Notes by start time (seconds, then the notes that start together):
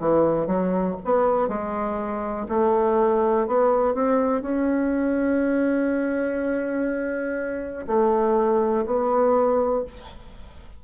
0.00 E3
0.46 F#3
1.05 B3
1.48 G#3
2.49 A3
3.47 B3
3.94 C4
4.42 C#4
7.87 A3
8.86 B3